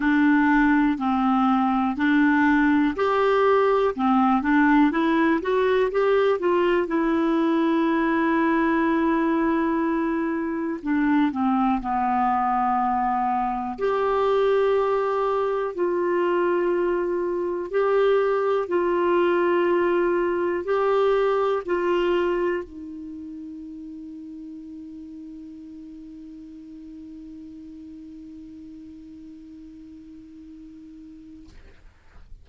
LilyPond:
\new Staff \with { instrumentName = "clarinet" } { \time 4/4 \tempo 4 = 61 d'4 c'4 d'4 g'4 | c'8 d'8 e'8 fis'8 g'8 f'8 e'4~ | e'2. d'8 c'8 | b2 g'2 |
f'2 g'4 f'4~ | f'4 g'4 f'4 dis'4~ | dis'1~ | dis'1 | }